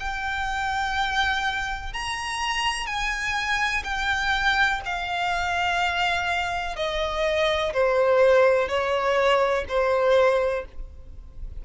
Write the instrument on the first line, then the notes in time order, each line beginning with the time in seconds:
violin
0.00 G5
1.94 A#5
2.87 G#5
3.84 G5
4.86 F5
6.77 D#5
7.74 C5
8.69 C#5
9.69 C5